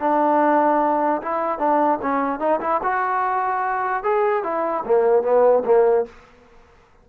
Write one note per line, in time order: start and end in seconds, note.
0.00 1.21 D4
1.22 1.59 E4
1.59 1.99 D4
2.02 2.40 C#4
2.40 2.60 D#4
2.61 2.81 E4
2.83 4.04 F#4
4.04 4.44 G#4
4.44 4.84 E4
4.86 5.23 A#3
5.23 5.64 B3
5.65 6.06 A#3